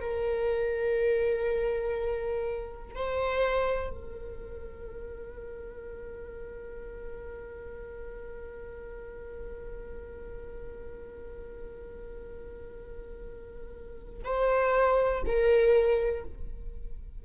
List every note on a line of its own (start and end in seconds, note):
0.00 2.95 A#4
2.95 3.90 C5
3.90 14.23 A#4
14.24 15.22 C5
15.25 16.24 A#4